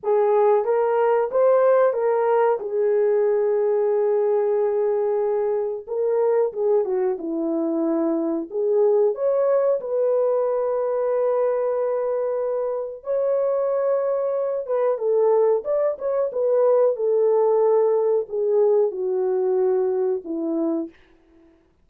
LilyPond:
\new Staff \with { instrumentName = "horn" } { \time 4/4 \tempo 4 = 92 gis'4 ais'4 c''4 ais'4 | gis'1~ | gis'4 ais'4 gis'8 fis'8 e'4~ | e'4 gis'4 cis''4 b'4~ |
b'1 | cis''2~ cis''8 b'8 a'4 | d''8 cis''8 b'4 a'2 | gis'4 fis'2 e'4 | }